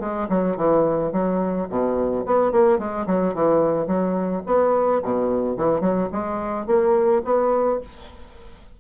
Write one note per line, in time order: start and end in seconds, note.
0.00 0.28 G#3
0.29 0.57 F#3
0.57 1.12 E3
1.13 1.68 F#3
1.69 2.25 B2
2.26 2.52 B3
2.52 2.79 A#3
2.79 3.06 G#3
3.07 3.34 F#3
3.34 3.87 E3
3.87 4.43 F#3
4.46 5.02 B3
5.03 5.57 B2
5.57 5.81 E3
5.81 6.09 F#3
6.12 6.67 G#3
6.67 7.22 A#3
7.25 7.80 B3